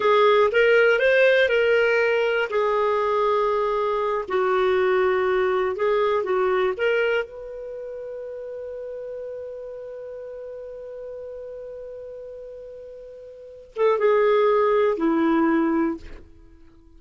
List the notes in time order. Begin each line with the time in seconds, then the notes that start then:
0.00 G#4
0.51 A#4
0.99 C5
1.48 A#4
2.50 G#4
4.28 F#4
5.75 G#4
6.23 F#4
6.77 A#4
7.24 B4
13.75 A4
13.98 G#4
14.97 E4